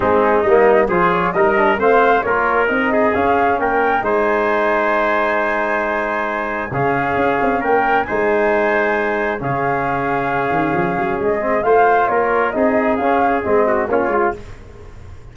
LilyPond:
<<
  \new Staff \with { instrumentName = "flute" } { \time 4/4 \tempo 4 = 134 gis'4 dis''4 c''8 cis''8 dis''4 | f''4 cis''4 dis''4 f''4 | g''4 gis''2.~ | gis''2. f''4~ |
f''4 g''4 gis''2~ | gis''4 f''2.~ | f''4 dis''4 f''4 cis''4 | dis''4 f''4 dis''4 cis''4 | }
  \new Staff \with { instrumentName = "trumpet" } { \time 4/4 dis'2 gis'4 ais'4 | c''4 ais'4. gis'4. | ais'4 c''2.~ | c''2. gis'4~ |
gis'4 ais'4 c''2~ | c''4 gis'2.~ | gis'2 c''4 ais'4 | gis'2~ gis'8 fis'8 f'4 | }
  \new Staff \with { instrumentName = "trombone" } { \time 4/4 c'4 ais4 f'4 dis'8 d'8 | c'4 f'4 dis'4 cis'4~ | cis'4 dis'2.~ | dis'2. cis'4~ |
cis'2 dis'2~ | dis'4 cis'2.~ | cis'4. c'8 f'2 | dis'4 cis'4 c'4 cis'8 f'8 | }
  \new Staff \with { instrumentName = "tuba" } { \time 4/4 gis4 g4 f4 g4 | a4 ais4 c'4 cis'4 | ais4 gis2.~ | gis2. cis4 |
cis'8 c'8 ais4 gis2~ | gis4 cis2~ cis8 dis8 | f8 fis8 gis4 a4 ais4 | c'4 cis'4 gis4 ais8 gis8 | }
>>